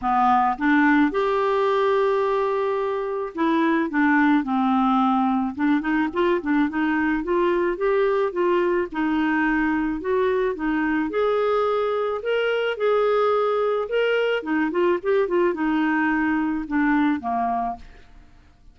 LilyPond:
\new Staff \with { instrumentName = "clarinet" } { \time 4/4 \tempo 4 = 108 b4 d'4 g'2~ | g'2 e'4 d'4 | c'2 d'8 dis'8 f'8 d'8 | dis'4 f'4 g'4 f'4 |
dis'2 fis'4 dis'4 | gis'2 ais'4 gis'4~ | gis'4 ais'4 dis'8 f'8 g'8 f'8 | dis'2 d'4 ais4 | }